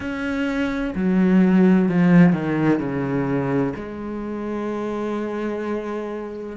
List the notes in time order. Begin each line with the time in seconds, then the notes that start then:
0.00 C#4
0.95 F#3
1.88 F3
2.32 D#3
2.79 C#3
3.75 G#3